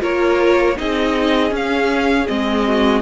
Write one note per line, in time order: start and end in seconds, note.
0.00 0.79 A#3
0.00 0.75 F4
0.00 0.77 A#4
0.00 0.78 C#5
0.77 1.52 C4
0.77 1.50 D#4
0.77 2.68 G#4
0.77 1.53 D#5
1.50 2.25 C#4
1.50 2.27 C#4
1.56 2.27 F5
2.27 3.02 G#3
2.27 3.02 C4
2.27 3.02 D#5
2.68 3.02 F#4